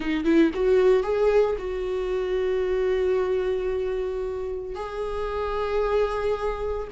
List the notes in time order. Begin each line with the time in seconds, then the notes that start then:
0.00 D#4
0.24 E4
0.54 F#4
1.03 G#4
1.58 F#4
4.75 G#4